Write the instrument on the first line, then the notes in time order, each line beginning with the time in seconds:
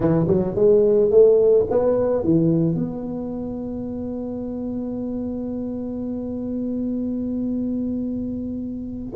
tuba
0.00 E3
0.27 F#3
0.55 G#3
1.10 A3
1.70 B3
2.23 E3
2.74 B3